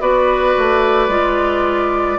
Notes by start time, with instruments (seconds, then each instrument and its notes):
0.00 bassoon B3, clarinet F#4, oboe B4, flute D5
0.57 bassoon A3
1.08 bassoon G#3, clarinet F4